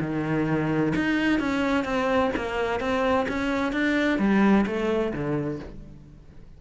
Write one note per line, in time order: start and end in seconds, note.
0.00 0.93 D#3
0.96 1.40 D#4
1.40 1.84 C#4
1.84 2.31 C4
2.36 2.80 A#3
2.80 3.26 C4
3.28 3.72 C#4
3.72 4.19 D4
4.19 4.65 G3
4.66 5.13 A3
5.13 5.60 D3